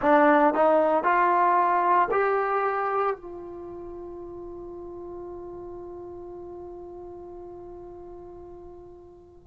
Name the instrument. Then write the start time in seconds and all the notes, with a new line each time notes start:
trombone
0.01 D4
0.54 D#4
1.03 F4
2.11 G4
3.16 F4